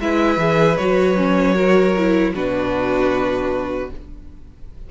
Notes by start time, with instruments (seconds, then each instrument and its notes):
0.00 cello G#3, viola E4, violin B4 E5
0.37 cello E3, viola G#4
0.77 cello F#3, viola F#4, violin C#5
1.16 viola C#4
1.55 viola F#4, violin A#4
1.97 viola E4
2.34 cello B2, viola D4, violin F#4 B4